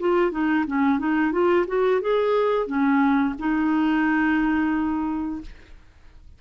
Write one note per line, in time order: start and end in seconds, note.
0.00 0.32 F4
0.32 0.65 D#4
0.67 0.99 C#4
0.99 1.32 D#4
1.32 1.66 F4
1.68 2.01 F#4
2.02 2.67 G#4
2.67 3.35 C#4
3.39 5.41 D#4